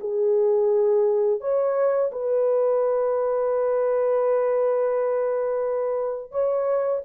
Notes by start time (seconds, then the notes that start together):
0.00 G#4
1.41 C#5
2.11 B4
6.31 C#5